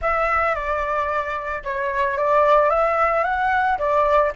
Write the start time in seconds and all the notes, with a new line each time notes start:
0.01 E5
0.55 D5
1.63 C#5
2.17 D5
2.70 E5
3.24 F#5
3.78 D5